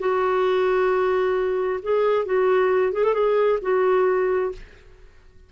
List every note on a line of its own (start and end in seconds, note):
0.00 1.80 F#4
1.83 2.26 G#4
2.26 2.93 F#4
2.93 3.04 G#4
3.04 3.14 A4
3.14 3.59 G#4
3.63 4.53 F#4